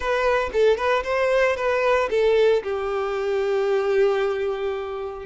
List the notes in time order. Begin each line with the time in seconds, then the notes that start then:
0.00 B4
0.52 A4
0.77 B4
1.03 C5
1.56 B4
2.10 A4
2.63 G4